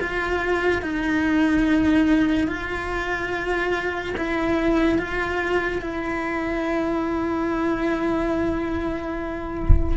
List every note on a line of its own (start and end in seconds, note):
0.00 0.82 F4
0.82 2.48 D#4
2.48 4.14 F4
4.17 4.98 E4
4.98 5.82 F4
5.82 9.97 E4